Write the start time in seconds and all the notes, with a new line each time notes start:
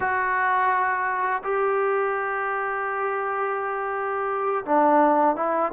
0.00 F#4
1.43 G4
4.65 D4
5.36 E4